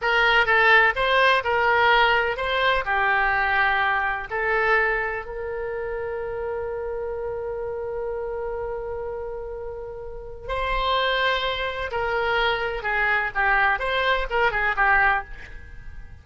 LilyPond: \new Staff \with { instrumentName = "oboe" } { \time 4/4 \tempo 4 = 126 ais'4 a'4 c''4 ais'4~ | ais'4 c''4 g'2~ | g'4 a'2 ais'4~ | ais'1~ |
ais'1~ | ais'2 c''2~ | c''4 ais'2 gis'4 | g'4 c''4 ais'8 gis'8 g'4 | }